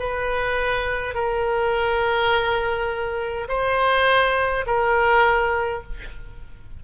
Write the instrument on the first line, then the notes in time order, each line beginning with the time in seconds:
oboe
0.00 B4
1.15 A#4
3.49 C5
4.67 A#4